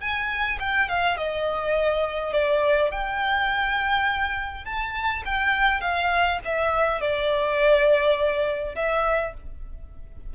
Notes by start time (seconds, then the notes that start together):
0.00 G#5
0.59 G5
0.88 F5
1.17 D#5
2.32 D5
2.91 G5
4.64 A5
5.25 G5
5.80 F5
6.44 E5
7.00 D5
8.75 E5